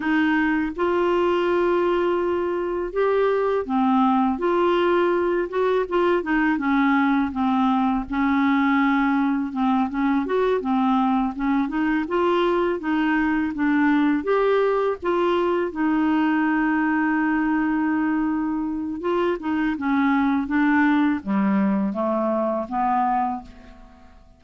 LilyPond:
\new Staff \with { instrumentName = "clarinet" } { \time 4/4 \tempo 4 = 82 dis'4 f'2. | g'4 c'4 f'4. fis'8 | f'8 dis'8 cis'4 c'4 cis'4~ | cis'4 c'8 cis'8 fis'8 c'4 cis'8 |
dis'8 f'4 dis'4 d'4 g'8~ | g'8 f'4 dis'2~ dis'8~ | dis'2 f'8 dis'8 cis'4 | d'4 g4 a4 b4 | }